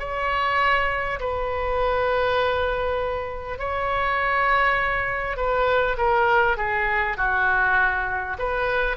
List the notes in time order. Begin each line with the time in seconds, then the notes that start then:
0.00 C#5
1.21 B4
3.59 C#5
5.37 B4
5.98 A#4
6.57 G#4
7.18 F#4
8.39 B4